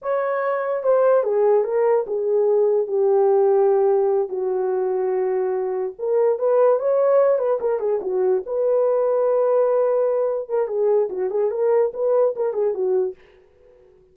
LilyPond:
\new Staff \with { instrumentName = "horn" } { \time 4/4 \tempo 4 = 146 cis''2 c''4 gis'4 | ais'4 gis'2 g'4~ | g'2~ g'8 fis'4.~ | fis'2~ fis'8 ais'4 b'8~ |
b'8 cis''4. b'8 ais'8 gis'8 fis'8~ | fis'8 b'2.~ b'8~ | b'4. ais'8 gis'4 fis'8 gis'8 | ais'4 b'4 ais'8 gis'8 fis'4 | }